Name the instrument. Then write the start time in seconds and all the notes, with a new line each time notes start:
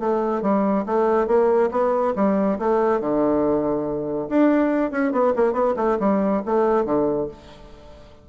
bassoon
0.00 A3
0.42 G3
0.86 A3
1.28 A#3
1.71 B3
2.16 G3
2.59 A3
3.01 D3
4.30 D4
4.91 C#4
5.12 B3
5.36 A#3
5.53 B3
5.77 A3
6.00 G3
6.46 A3
6.86 D3